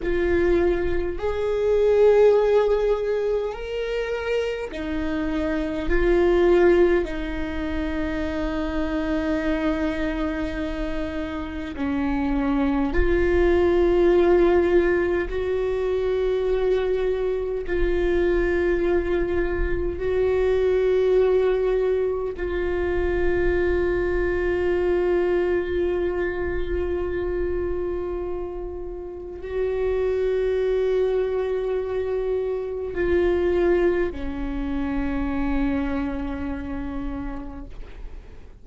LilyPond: \new Staff \with { instrumentName = "viola" } { \time 4/4 \tempo 4 = 51 f'4 gis'2 ais'4 | dis'4 f'4 dis'2~ | dis'2 cis'4 f'4~ | f'4 fis'2 f'4~ |
f'4 fis'2 f'4~ | f'1~ | f'4 fis'2. | f'4 cis'2. | }